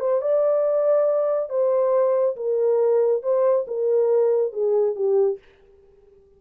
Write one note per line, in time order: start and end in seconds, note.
0.00 0.21 C5
0.21 1.50 D5
1.50 2.36 C5
2.36 3.23 A#4
3.23 3.66 C5
3.67 4.52 A#4
4.52 4.95 G#4
4.95 5.39 G4